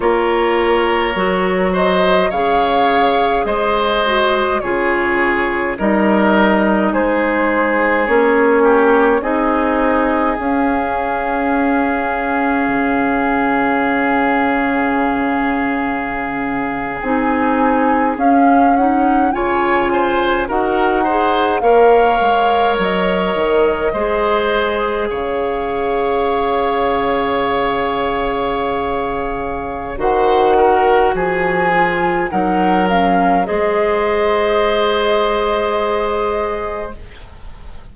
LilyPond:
<<
  \new Staff \with { instrumentName = "flute" } { \time 4/4 \tempo 4 = 52 cis''4. dis''8 f''4 dis''4 | cis''4 dis''4 c''4 cis''4 | dis''4 f''2.~ | f''2~ f''8. gis''4 f''16~ |
f''16 fis''8 gis''4 fis''4 f''4 dis''16~ | dis''4.~ dis''16 f''2~ f''16~ | f''2 fis''4 gis''4 | fis''8 f''8 dis''2. | }
  \new Staff \with { instrumentName = "oboe" } { \time 4/4 ais'4. c''8 cis''4 c''4 | gis'4 ais'4 gis'4. g'8 | gis'1~ | gis'1~ |
gis'8. cis''8 c''8 ais'8 c''8 cis''4~ cis''16~ | cis''8. c''4 cis''2~ cis''16~ | cis''2 c''8 ais'8 gis'4 | ais'4 c''2. | }
  \new Staff \with { instrumentName = "clarinet" } { \time 4/4 f'4 fis'4 gis'4. fis'8 | f'4 dis'2 cis'4 | dis'4 cis'2.~ | cis'2~ cis'8. dis'4 cis'16~ |
cis'16 dis'8 f'4 fis'8 gis'8 ais'4~ ais'16~ | ais'8. gis'2.~ gis'16~ | gis'2 fis'4. f'8 | dis'8 cis'8 gis'2. | }
  \new Staff \with { instrumentName = "bassoon" } { \time 4/4 ais4 fis4 cis4 gis4 | cis4 g4 gis4 ais4 | c'4 cis'2 cis4~ | cis2~ cis8. c'4 cis'16~ |
cis'8. cis4 dis'4 ais8 gis8 fis16~ | fis16 dis8 gis4 cis2~ cis16~ | cis2 dis4 f4 | fis4 gis2. | }
>>